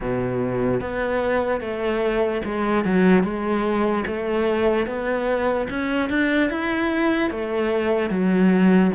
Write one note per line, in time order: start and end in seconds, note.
0.00 0.80 B2
0.80 1.60 B3
1.60 2.41 A3
2.44 2.85 G#3
2.85 3.23 F#3
3.23 4.04 G#3
4.06 4.86 A3
4.86 5.67 B3
5.69 6.09 C#4
6.09 6.50 D4
6.50 7.30 E4
7.30 8.10 A3
8.10 8.91 F#3